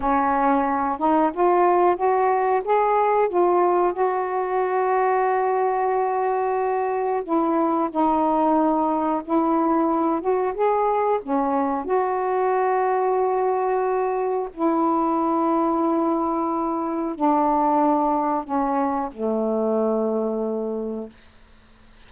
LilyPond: \new Staff \with { instrumentName = "saxophone" } { \time 4/4 \tempo 4 = 91 cis'4. dis'8 f'4 fis'4 | gis'4 f'4 fis'2~ | fis'2. e'4 | dis'2 e'4. fis'8 |
gis'4 cis'4 fis'2~ | fis'2 e'2~ | e'2 d'2 | cis'4 a2. | }